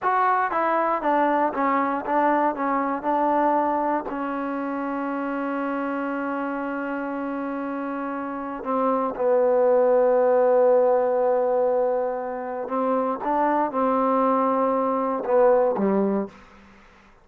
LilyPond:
\new Staff \with { instrumentName = "trombone" } { \time 4/4 \tempo 4 = 118 fis'4 e'4 d'4 cis'4 | d'4 cis'4 d'2 | cis'1~ | cis'1~ |
cis'4 c'4 b2~ | b1~ | b4 c'4 d'4 c'4~ | c'2 b4 g4 | }